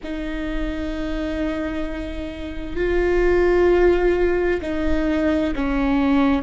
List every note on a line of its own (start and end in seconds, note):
0.03 2.76 D#4
2.76 4.60 F4
4.62 5.54 D#4
5.55 6.42 C#4